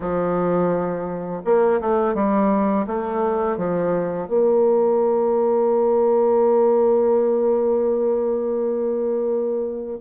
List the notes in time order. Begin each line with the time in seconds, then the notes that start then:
0.00 F3
1.44 A#3
1.80 A3
2.14 G3
2.86 A3
3.57 F3
4.28 A#3